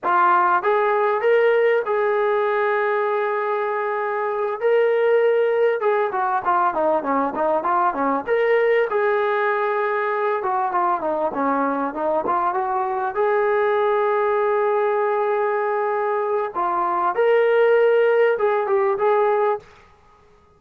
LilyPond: \new Staff \with { instrumentName = "trombone" } { \time 4/4 \tempo 4 = 98 f'4 gis'4 ais'4 gis'4~ | gis'2.~ gis'8 ais'8~ | ais'4. gis'8 fis'8 f'8 dis'8 cis'8 | dis'8 f'8 cis'8 ais'4 gis'4.~ |
gis'4 fis'8 f'8 dis'8 cis'4 dis'8 | f'8 fis'4 gis'2~ gis'8~ | gis'2. f'4 | ais'2 gis'8 g'8 gis'4 | }